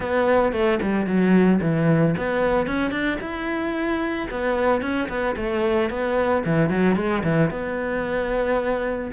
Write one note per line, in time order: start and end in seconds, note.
0.00 0.52 B3
0.52 0.79 A3
0.82 1.06 G3
1.06 1.60 F#3
1.61 2.15 E3
2.17 2.66 B3
2.66 2.91 C#4
2.91 3.18 D4
3.20 4.28 E4
4.30 4.81 B3
4.81 5.08 C#4
5.08 5.35 B3
5.36 5.90 A3
5.90 6.43 B3
6.45 6.69 E3
6.69 6.96 F#3
6.96 7.22 G#3
7.23 7.50 E3
7.50 9.11 B3